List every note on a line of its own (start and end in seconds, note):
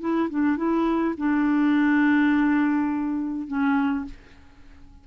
0.00 0.29 E4
0.30 0.57 D4
0.57 1.14 E4
1.17 3.47 D4
3.47 4.05 C#4